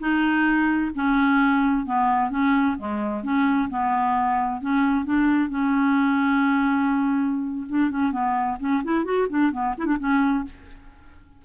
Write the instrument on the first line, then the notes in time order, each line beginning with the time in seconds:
clarinet
0.00 D#4
0.95 C#4
1.86 B3
2.30 C#4
2.79 G#3
3.24 C#4
3.70 B3
4.61 C#4
5.05 D4
5.50 C#4
7.69 D4
7.90 C#4
8.12 B3
8.60 C#4
8.84 E4
9.05 F#4
9.30 D4
9.52 B3
9.78 E4
9.86 D4
9.99 C#4